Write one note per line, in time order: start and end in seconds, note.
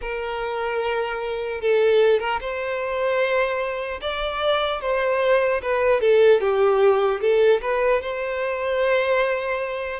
0.01 1.61 A#4
1.61 2.19 A4
2.19 2.39 A#4
2.40 4.00 C5
4.01 4.81 D5
4.81 5.61 C5
5.62 6.00 B4
6.00 6.40 A4
6.40 7.20 G4
7.20 7.60 A4
7.61 8.01 B4
8.01 10.00 C5